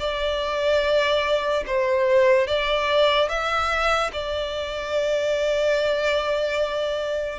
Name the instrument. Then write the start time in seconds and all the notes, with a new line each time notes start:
violin
0.00 D5
1.67 C5
2.48 D5
3.29 E5
4.13 D5